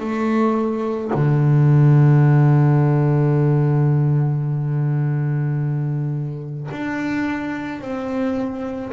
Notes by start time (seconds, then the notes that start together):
0.00 A3
1.14 D3
6.71 D4
7.81 C4